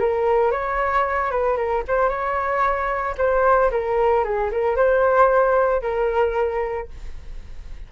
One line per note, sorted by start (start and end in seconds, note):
0.00 0.52 A#4
0.52 1.31 C#5
1.31 1.57 B4
1.57 1.83 A#4
1.88 2.09 C5
2.09 3.15 C#5
3.18 3.71 C5
3.71 4.24 A#4
4.24 4.51 G#4
4.52 4.76 A#4
4.76 5.82 C5
5.82 6.88 A#4